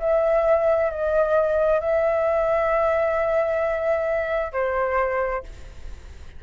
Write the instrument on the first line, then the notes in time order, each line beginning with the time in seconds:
flute
0.00 E5
0.90 D#5
1.80 E5
4.52 C5